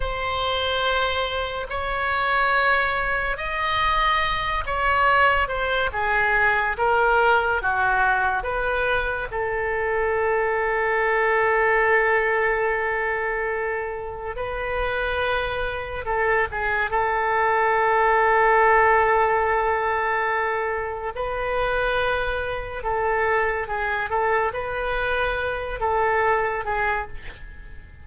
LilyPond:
\new Staff \with { instrumentName = "oboe" } { \time 4/4 \tempo 4 = 71 c''2 cis''2 | dis''4. cis''4 c''8 gis'4 | ais'4 fis'4 b'4 a'4~ | a'1~ |
a'4 b'2 a'8 gis'8 | a'1~ | a'4 b'2 a'4 | gis'8 a'8 b'4. a'4 gis'8 | }